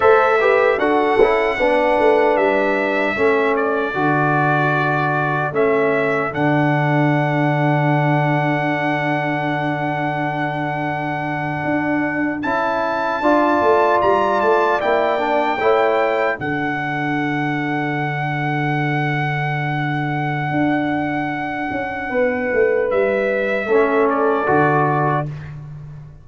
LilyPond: <<
  \new Staff \with { instrumentName = "trumpet" } { \time 4/4 \tempo 4 = 76 e''4 fis''2 e''4~ | e''8 d''2~ d''8 e''4 | fis''1~ | fis''2.~ fis''8. a''16~ |
a''4.~ a''16 ais''8 a''8 g''4~ g''16~ | g''8. fis''2.~ fis''16~ | fis''1~ | fis''4 e''4. d''4. | }
  \new Staff \with { instrumentName = "horn" } { \time 4/4 c''8 b'8 a'4 b'2 | a'1~ | a'1~ | a'1~ |
a'8. d''2. cis''16~ | cis''8. a'2.~ a'16~ | a'1 | b'2 a'2 | }
  \new Staff \with { instrumentName = "trombone" } { \time 4/4 a'8 g'8 fis'8 e'8 d'2 | cis'4 fis'2 cis'4 | d'1~ | d'2.~ d'8. e'16~ |
e'8. f'2 e'8 d'8 e'16~ | e'8. d'2.~ d'16~ | d'1~ | d'2 cis'4 fis'4 | }
  \new Staff \with { instrumentName = "tuba" } { \time 4/4 a4 d'8 cis'8 b8 a8 g4 | a4 d2 a4 | d1~ | d2~ d8. d'4 cis'16~ |
cis'8. d'8 a8 g8 a8 ais4 a16~ | a8. d2.~ d16~ | d2 d'4. cis'8 | b8 a8 g4 a4 d4 | }
>>